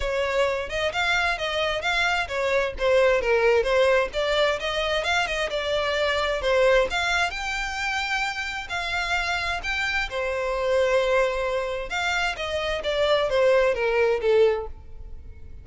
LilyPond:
\new Staff \with { instrumentName = "violin" } { \time 4/4 \tempo 4 = 131 cis''4. dis''8 f''4 dis''4 | f''4 cis''4 c''4 ais'4 | c''4 d''4 dis''4 f''8 dis''8 | d''2 c''4 f''4 |
g''2. f''4~ | f''4 g''4 c''2~ | c''2 f''4 dis''4 | d''4 c''4 ais'4 a'4 | }